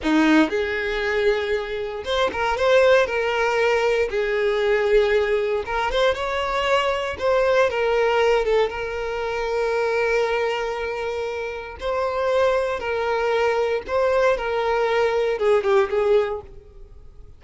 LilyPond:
\new Staff \with { instrumentName = "violin" } { \time 4/4 \tempo 4 = 117 dis'4 gis'2. | c''8 ais'8 c''4 ais'2 | gis'2. ais'8 c''8 | cis''2 c''4 ais'4~ |
ais'8 a'8 ais'2.~ | ais'2. c''4~ | c''4 ais'2 c''4 | ais'2 gis'8 g'8 gis'4 | }